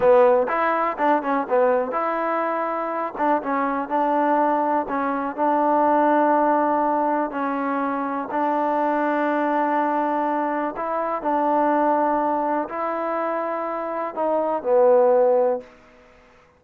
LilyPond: \new Staff \with { instrumentName = "trombone" } { \time 4/4 \tempo 4 = 123 b4 e'4 d'8 cis'8 b4 | e'2~ e'8 d'8 cis'4 | d'2 cis'4 d'4~ | d'2. cis'4~ |
cis'4 d'2.~ | d'2 e'4 d'4~ | d'2 e'2~ | e'4 dis'4 b2 | }